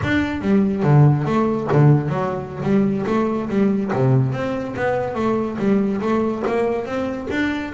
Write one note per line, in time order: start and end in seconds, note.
0.03 0.41 D4
0.41 0.83 G3
0.83 1.25 D3
1.25 1.67 A3
1.72 2.08 D3
2.08 2.61 F#3
2.63 3.05 G3
3.06 3.48 A3
3.49 3.91 G3
3.92 4.32 C3
4.32 4.74 C4
4.75 5.14 B3
5.14 5.57 A3
5.58 6.00 G3
6.01 6.43 A3
6.46 6.85 A#3
6.85 7.27 C4
7.30 7.72 D4